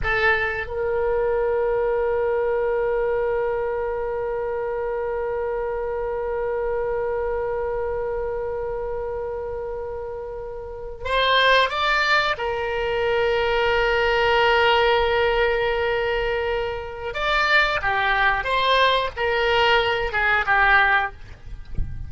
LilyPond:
\new Staff \with { instrumentName = "oboe" } { \time 4/4 \tempo 4 = 91 a'4 ais'2.~ | ais'1~ | ais'1~ | ais'1~ |
ais'8. c''4 d''4 ais'4~ ais'16~ | ais'1~ | ais'2 d''4 g'4 | c''4 ais'4. gis'8 g'4 | }